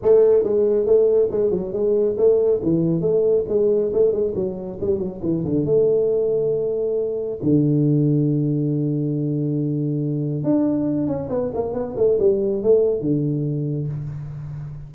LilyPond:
\new Staff \with { instrumentName = "tuba" } { \time 4/4 \tempo 4 = 138 a4 gis4 a4 gis8 fis8 | gis4 a4 e4 a4 | gis4 a8 gis8 fis4 g8 fis8 | e8 d8 a2.~ |
a4 d2.~ | d1 | d'4. cis'8 b8 ais8 b8 a8 | g4 a4 d2 | }